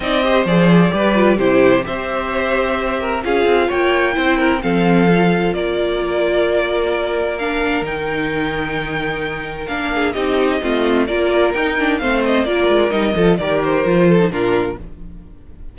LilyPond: <<
  \new Staff \with { instrumentName = "violin" } { \time 4/4 \tempo 4 = 130 dis''4 d''2 c''4 | e''2. f''4 | g''2 f''2 | d''1 |
f''4 g''2.~ | g''4 f''4 dis''2 | d''4 g''4 f''8 dis''8 d''4 | dis''4 d''8 c''4. ais'4 | }
  \new Staff \with { instrumentName = "violin" } { \time 4/4 d''8 c''4. b'4 g'4 | c''2~ c''8 ais'8 gis'4 | cis''4 c''8 ais'8 a'2 | ais'1~ |
ais'1~ | ais'4. gis'8 g'4 f'4 | ais'2 c''4 ais'4~ | ais'8 a'8 ais'4. a'8 f'4 | }
  \new Staff \with { instrumentName = "viola" } { \time 4/4 dis'8 g'8 gis'4 g'8 f'8 e'4 | g'2. f'4~ | f'4 e'4 c'4 f'4~ | f'1 |
d'4 dis'2.~ | dis'4 d'4 dis'4 c'4 | f'4 dis'8 d'8 c'4 f'4 | dis'8 f'8 g'4 f'8. dis'16 d'4 | }
  \new Staff \with { instrumentName = "cello" } { \time 4/4 c'4 f4 g4 c4 | c'2. cis'8 c'8 | ais4 c'4 f2 | ais1~ |
ais4 dis2.~ | dis4 ais4 c'4 a4 | ais4 dis'4 a4 ais8 gis8 | g8 f8 dis4 f4 ais,4 | }
>>